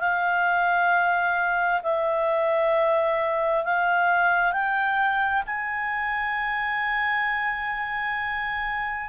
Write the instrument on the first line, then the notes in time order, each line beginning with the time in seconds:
clarinet
0.00 F5
1.83 E5
3.64 F5
4.52 G5
5.47 G#5